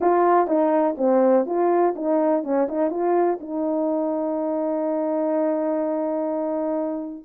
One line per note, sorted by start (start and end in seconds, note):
0.00 0.47 F4
0.47 0.95 D#4
0.97 1.46 C4
1.46 1.94 F4
1.95 2.43 D#4
2.43 2.67 C#4
2.68 2.90 D#4
2.90 3.38 F4
3.40 7.24 D#4